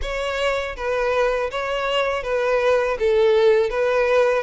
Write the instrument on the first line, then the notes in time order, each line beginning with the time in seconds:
violin
0.02 C#5
0.76 B4
1.51 C#5
2.23 B4
2.99 A4
3.70 B4